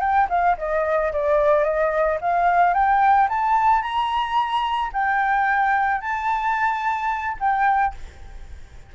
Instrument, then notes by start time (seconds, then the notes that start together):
flute
0.00 G5
0.29 F5
0.58 D#5
1.12 D5
1.64 D#5
2.21 F5
2.73 G5
3.29 A5
3.82 A#5
4.93 G5
6.00 A5
7.40 G5